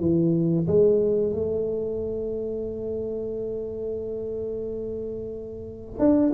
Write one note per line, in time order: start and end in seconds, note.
0.00 0.67 E3
0.67 1.33 G#3
1.33 5.99 A3
5.99 6.32 D4